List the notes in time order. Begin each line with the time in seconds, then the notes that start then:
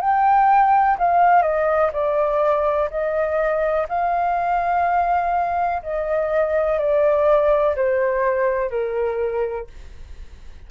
0.00 G5
0.98 F5
1.42 D#5
1.92 D5
2.90 D#5
3.88 F5
5.82 D#5
6.78 D5
7.76 C5
8.70 A#4